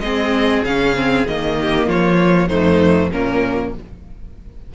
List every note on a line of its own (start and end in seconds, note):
0.00 0.62 G#3
0.00 0.66 C4
0.00 1.58 G#4
0.00 0.62 D#5
0.64 1.26 C#3
0.64 0.96 C#4
0.64 1.27 F5
0.96 1.27 C4
1.27 1.87 D#3
1.27 2.50 A#3
1.27 1.89 D#5
1.61 1.89 G4
1.87 2.49 F3
1.87 2.48 F4
1.87 2.48 C#5
2.48 3.10 F2
2.48 3.11 A3
2.48 3.10 D#4
2.48 3.10 C5
3.12 3.74 A#2
3.12 3.74 A#3
3.12 3.73 C#4
3.12 3.74 A#4